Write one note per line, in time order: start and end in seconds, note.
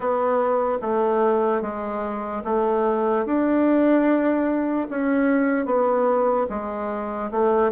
0.00 0.78 B3
0.81 1.61 A3
1.61 2.43 G#3
2.44 3.25 A3
3.25 4.87 D4
4.89 5.65 C#4
5.65 6.46 B3
6.49 7.30 G#3
7.31 7.71 A3